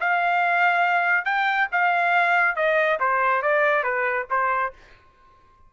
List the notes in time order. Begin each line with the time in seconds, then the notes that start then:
0.00 F5
1.25 G5
1.72 F5
2.56 D#5
2.99 C5
3.42 D5
3.83 B4
4.30 C5